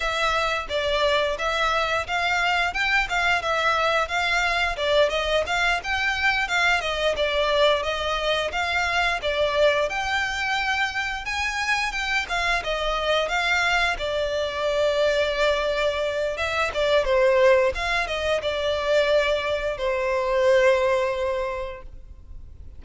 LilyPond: \new Staff \with { instrumentName = "violin" } { \time 4/4 \tempo 4 = 88 e''4 d''4 e''4 f''4 | g''8 f''8 e''4 f''4 d''8 dis''8 | f''8 g''4 f''8 dis''8 d''4 dis''8~ | dis''8 f''4 d''4 g''4.~ |
g''8 gis''4 g''8 f''8 dis''4 f''8~ | f''8 d''2.~ d''8 | e''8 d''8 c''4 f''8 dis''8 d''4~ | d''4 c''2. | }